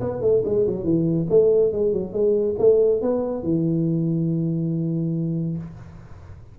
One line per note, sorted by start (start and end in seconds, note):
0.00 0.21 B3
0.21 0.42 A3
0.44 0.66 G#3
0.66 0.84 F#3
0.84 1.26 E3
1.29 1.72 A3
1.72 1.92 G#3
1.92 2.13 F#3
2.13 2.55 G#3
2.59 3.01 A3
3.01 3.43 B3
3.43 5.57 E3